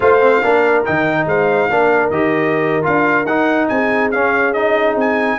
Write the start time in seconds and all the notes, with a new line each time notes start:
0.00 A3 F4 C5 F5
0.21 C4
0.42 A#3 D4 A#4
0.85 D#3 D#4 G5
1.25 G#3 C5 F5
1.70 A#3 D4 A#4
2.10 D#3 G4 D#5
2.82 D4 F4 F5
3.25 D#4 F#5
3.68 C4 G#4 G#5
4.11 C#4 F5
4.53 D#4 D#5
4.95 C4 G#5